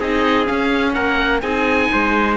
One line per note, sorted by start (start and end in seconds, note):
0.00 0.48 C4
0.00 0.46 D#4
0.00 0.94 G#4
0.00 0.47 D#5
0.46 1.41 C#4
0.46 0.97 C#4
0.46 0.94 F5
0.94 1.43 A#3
0.94 1.42 A#4
0.94 1.41 F#5
1.41 1.91 C4
1.41 2.37 D#4
1.41 1.91 G#4
1.41 2.36 G#5
1.93 2.37 G#3
1.93 2.37 C5